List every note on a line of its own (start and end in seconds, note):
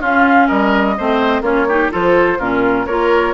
0.00 0.48 C#4
0.00 0.96 C#4
0.00 0.47 F4
0.00 0.47 F5
0.47 0.98 G3
0.47 0.95 A#4
0.47 1.42 D#5
0.97 1.41 A3
0.97 1.43 C4
0.97 1.42 C5
1.41 1.88 A#3
1.41 1.67 C#4
1.41 1.66 F4
1.41 1.91 C#5
1.68 1.91 D#4
1.68 1.91 G4
1.91 2.38 F3
1.91 2.38 F4
1.91 2.38 A4
1.91 2.39 C5
2.38 2.86 A#2
2.38 2.86 C#4
2.38 2.86 F4
2.38 2.86 A#4
2.86 3.33 A#3
2.86 3.33 F4
2.86 3.33 A#4
2.86 3.33 C#5